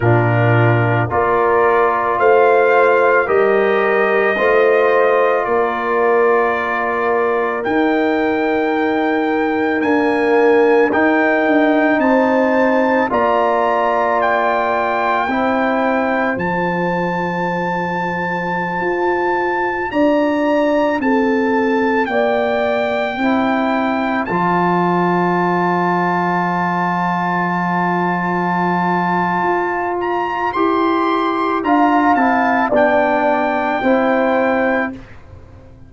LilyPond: <<
  \new Staff \with { instrumentName = "trumpet" } { \time 4/4 \tempo 4 = 55 ais'4 d''4 f''4 dis''4~ | dis''4 d''2 g''4~ | g''4 gis''4 g''4 a''4 | ais''4 g''2 a''4~ |
a''2~ a''16 ais''4 a''8.~ | a''16 g''2 a''4.~ a''16~ | a''2.~ a''8 ais''8 | c'''4 ais''8 a''8 g''2 | }
  \new Staff \with { instrumentName = "horn" } { \time 4/4 f'4 ais'4 c''4 ais'4 | c''4 ais'2.~ | ais'2. c''4 | d''2 c''2~ |
c''2~ c''16 d''4 a'8.~ | a'16 d''4 c''2~ c''8.~ | c''1~ | c''4 f''4 d''4 c''4 | }
  \new Staff \with { instrumentName = "trombone" } { \time 4/4 d'4 f'2 g'4 | f'2. dis'4~ | dis'4 ais4 dis'2 | f'2 e'4 f'4~ |
f'1~ | f'4~ f'16 e'4 f'4.~ f'16~ | f'1 | g'4 f'8 e'8 d'4 e'4 | }
  \new Staff \with { instrumentName = "tuba" } { \time 4/4 ais,4 ais4 a4 g4 | a4 ais2 dis'4~ | dis'4 d'4 dis'8 d'8 c'4 | ais2 c'4 f4~ |
f4~ f16 f'4 d'4 c'8.~ | c'16 ais4 c'4 f4.~ f16~ | f2. f'4 | e'4 d'8 c'8 b4 c'4 | }
>>